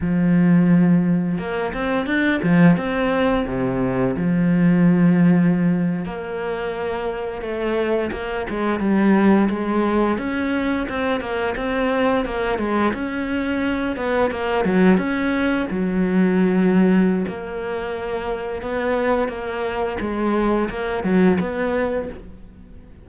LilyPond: \new Staff \with { instrumentName = "cello" } { \time 4/4 \tempo 4 = 87 f2 ais8 c'8 d'8 f8 | c'4 c4 f2~ | f8. ais2 a4 ais16~ | ais16 gis8 g4 gis4 cis'4 c'16~ |
c'16 ais8 c'4 ais8 gis8 cis'4~ cis'16~ | cis'16 b8 ais8 fis8 cis'4 fis4~ fis16~ | fis4 ais2 b4 | ais4 gis4 ais8 fis8 b4 | }